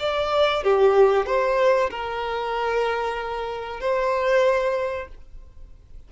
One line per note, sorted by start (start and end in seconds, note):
0.00 0.64 D5
0.64 1.26 G4
1.26 1.90 C5
1.91 3.80 A#4
3.80 5.08 C5